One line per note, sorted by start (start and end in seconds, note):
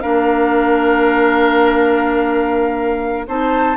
0.00 3.28 A#3
0.00 3.27 D4
0.00 3.27 A#4
0.00 3.25 F5
3.27 3.77 C4
3.27 3.77 D#4
3.27 3.77 C5
3.27 3.77 A5